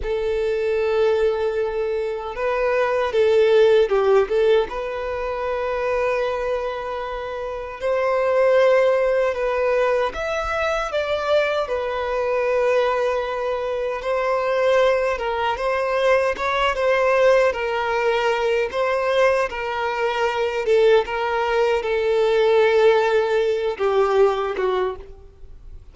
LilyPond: \new Staff \with { instrumentName = "violin" } { \time 4/4 \tempo 4 = 77 a'2. b'4 | a'4 g'8 a'8 b'2~ | b'2 c''2 | b'4 e''4 d''4 b'4~ |
b'2 c''4. ais'8 | c''4 cis''8 c''4 ais'4. | c''4 ais'4. a'8 ais'4 | a'2~ a'8 g'4 fis'8 | }